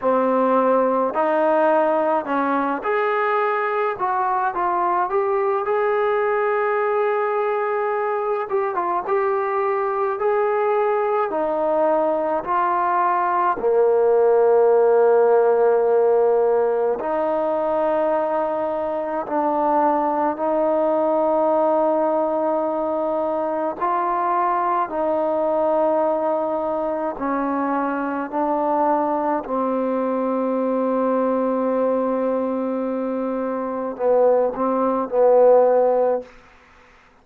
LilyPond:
\new Staff \with { instrumentName = "trombone" } { \time 4/4 \tempo 4 = 53 c'4 dis'4 cis'8 gis'4 fis'8 | f'8 g'8 gis'2~ gis'8 g'16 f'16 | g'4 gis'4 dis'4 f'4 | ais2. dis'4~ |
dis'4 d'4 dis'2~ | dis'4 f'4 dis'2 | cis'4 d'4 c'2~ | c'2 b8 c'8 b4 | }